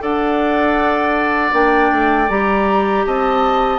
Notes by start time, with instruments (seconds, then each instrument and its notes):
0.00 bassoon D4, clarinet A4, oboe D5, flute F#5
1.53 bassoon A#3, clarinet D4, flute G5
1.92 bassoon A3
2.29 bassoon G3, clarinet G4, flute A#5
3.06 bassoon C4, oboe D#5, flute A5